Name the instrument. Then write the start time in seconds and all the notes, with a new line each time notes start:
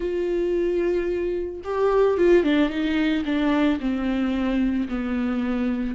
viola
0.00 F4
1.64 G4
2.17 F4
2.43 D4
2.69 D#4
3.25 D4
3.80 C4
4.88 B3